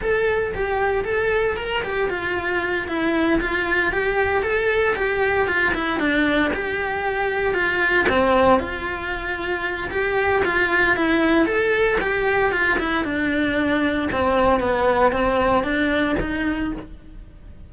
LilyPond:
\new Staff \with { instrumentName = "cello" } { \time 4/4 \tempo 4 = 115 a'4 g'4 a'4 ais'8 g'8 | f'4. e'4 f'4 g'8~ | g'8 a'4 g'4 f'8 e'8 d'8~ | d'8 g'2 f'4 c'8~ |
c'8 f'2~ f'8 g'4 | f'4 e'4 a'4 g'4 | f'8 e'8 d'2 c'4 | b4 c'4 d'4 dis'4 | }